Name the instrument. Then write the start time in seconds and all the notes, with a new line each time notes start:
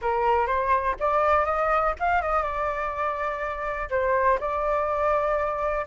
flute
0.01 A#4
0.46 C5
0.99 D5
1.45 D#5
1.99 F5
2.22 D#5
2.42 D5
3.89 C5
4.39 D5